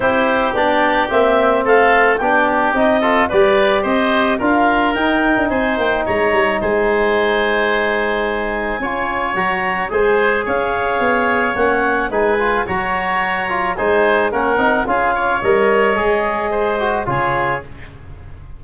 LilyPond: <<
  \new Staff \with { instrumentName = "clarinet" } { \time 4/4 \tempo 4 = 109 c''4 d''4 e''4 f''4 | g''4 dis''4 d''4 dis''4 | f''4 g''4 gis''8 g''8 ais''4 | gis''1~ |
gis''4 ais''4 gis''4 f''4~ | f''4 fis''4 gis''4 ais''4~ | ais''4 gis''4 fis''4 f''4 | dis''2. cis''4 | }
  \new Staff \with { instrumentName = "oboe" } { \time 4/4 g'2. a'4 | g'4. a'8 b'4 c''4 | ais'2 c''4 cis''4 | c''1 |
cis''2 c''4 cis''4~ | cis''2 b'4 cis''4~ | cis''4 c''4 ais'4 gis'8 cis''8~ | cis''2 c''4 gis'4 | }
  \new Staff \with { instrumentName = "trombone" } { \time 4/4 e'4 d'4 c'2 | d'4 dis'8 f'8 g'2 | f'4 dis'2.~ | dis'1 |
f'4 fis'4 gis'2~ | gis'4 cis'4 dis'8 f'8 fis'4~ | fis'8 f'8 dis'4 cis'8 dis'8 f'4 | ais'4 gis'4. fis'8 f'4 | }
  \new Staff \with { instrumentName = "tuba" } { \time 4/4 c'4 b4 ais4 a4 | b4 c'4 g4 c'4 | d'4 dis'8. d'16 c'8 ais8 gis8 g8 | gis1 |
cis'4 fis4 gis4 cis'4 | b4 ais4 gis4 fis4~ | fis4 gis4 ais8 c'8 cis'4 | g4 gis2 cis4 | }
>>